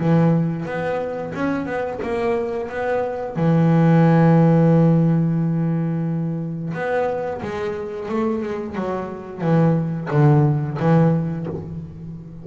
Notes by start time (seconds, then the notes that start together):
0.00 E3
0.66 B3
1.35 C#4
1.66 B3
2.03 A#3
2.69 B3
3.36 E3
6.74 B3
7.42 G#3
8.09 A3
8.43 G#3
8.75 F#3
9.41 E3
10.11 D3
10.80 E3